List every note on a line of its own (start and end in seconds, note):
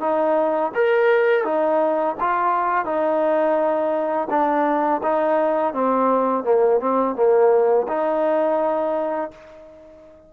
0.00 0.71 D#4
0.74 1.44 A#4
1.44 2.16 D#4
2.20 2.85 F4
2.85 4.28 D#4
4.30 5.01 D4
5.03 5.73 D#4
5.73 6.44 C4
6.44 6.80 A#3
6.80 7.16 C4
7.16 7.87 A#3
7.88 9.31 D#4